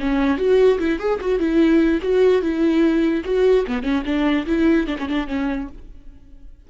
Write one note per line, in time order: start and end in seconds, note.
0.00 0.38 C#4
0.38 0.78 F#4
0.79 0.99 E4
0.99 1.20 G#4
1.21 1.40 F#4
1.40 2.01 E4
2.02 2.42 F#4
2.42 3.24 E4
3.24 3.65 F#4
3.68 3.83 B3
3.83 4.03 C#4
4.05 4.46 D4
4.47 4.87 E4
4.87 4.97 D4
4.98 5.09 C#4
5.09 5.27 D4
5.27 5.68 C#4